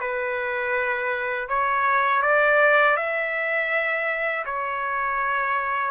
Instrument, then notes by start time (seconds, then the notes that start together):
trumpet
0.00 B4
1.48 C#5
2.22 D5
2.96 E5
4.45 C#5